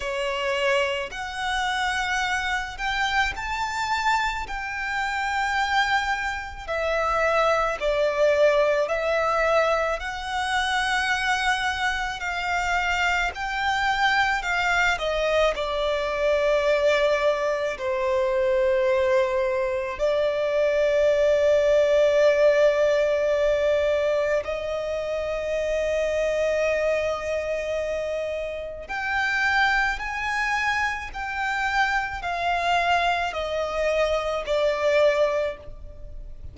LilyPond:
\new Staff \with { instrumentName = "violin" } { \time 4/4 \tempo 4 = 54 cis''4 fis''4. g''8 a''4 | g''2 e''4 d''4 | e''4 fis''2 f''4 | g''4 f''8 dis''8 d''2 |
c''2 d''2~ | d''2 dis''2~ | dis''2 g''4 gis''4 | g''4 f''4 dis''4 d''4 | }